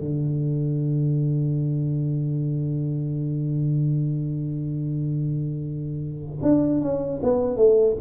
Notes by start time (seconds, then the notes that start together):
0.00 D3
6.43 D4
6.81 C#4
7.23 B3
7.57 A3